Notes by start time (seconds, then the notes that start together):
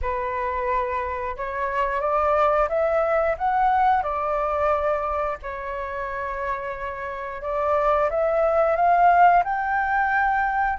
0.01 B4
1.36 C#5
2.00 D5
2.68 E5
3.37 F#5
4.02 D5
5.42 C#5
7.42 D5
8.10 E5
8.75 F5
9.44 G5